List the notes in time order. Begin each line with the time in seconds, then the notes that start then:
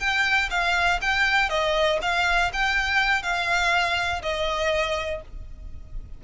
0.00 G5
0.50 F5
1.01 G5
1.49 D#5
2.02 F5
2.53 G5
3.23 F5
4.22 D#5